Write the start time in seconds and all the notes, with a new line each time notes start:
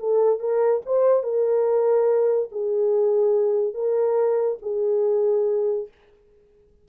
0.00 A4
0.40 A#4
0.86 C5
1.24 A#4
2.52 G#4
3.75 A#4
4.63 G#4